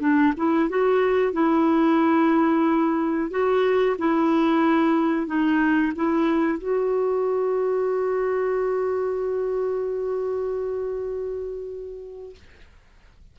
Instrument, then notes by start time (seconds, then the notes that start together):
clarinet
0.00 D4
0.36 E4
0.69 F#4
1.32 E4
3.30 F#4
3.98 E4
5.26 D#4
5.95 E4
6.58 F#4